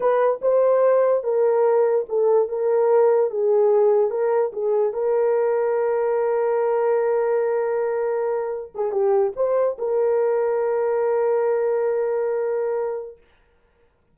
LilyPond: \new Staff \with { instrumentName = "horn" } { \time 4/4 \tempo 4 = 146 b'4 c''2 ais'4~ | ais'4 a'4 ais'2 | gis'2 ais'4 gis'4 | ais'1~ |
ais'1~ | ais'4~ ais'16 gis'8 g'4 c''4 ais'16~ | ais'1~ | ais'1 | }